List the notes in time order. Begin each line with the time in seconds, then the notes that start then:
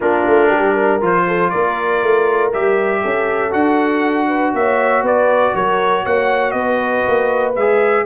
0.00 A#3 D4 F4 A#4
0.26 A3
0.48 G3 G4
0.72 A#4
1.01 F3 F4 C5
1.27 A4
1.50 A#3 A#4 D5
2.02 A3
2.53 G3 G4 E5
3.01 C#4 A4
3.51 D4 F#4 F#5
4.28 B4
4.54 A#3 C#5 E5
5.02 B3 B4 D5
5.55 F#3 A#4 C#5
6.03 A#3 C#5 F#5
6.51 B3 B4 D#5
7.07 A#3
7.55 G#3 G#4 E5